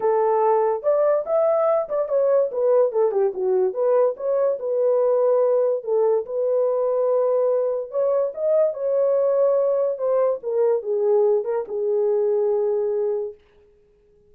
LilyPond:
\new Staff \with { instrumentName = "horn" } { \time 4/4 \tempo 4 = 144 a'2 d''4 e''4~ | e''8 d''8 cis''4 b'4 a'8 g'8 | fis'4 b'4 cis''4 b'4~ | b'2 a'4 b'4~ |
b'2. cis''4 | dis''4 cis''2. | c''4 ais'4 gis'4. ais'8 | gis'1 | }